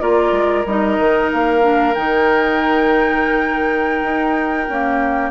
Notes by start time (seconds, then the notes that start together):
0.00 A#3 F4 A#4 D5
0.31 G#3
0.65 G3 D#4 D#5
0.99 D#3
1.32 A#3 F5
1.61 D4
1.94 D#3 D#4 G5
4.02 D#4
4.68 A#3 C#4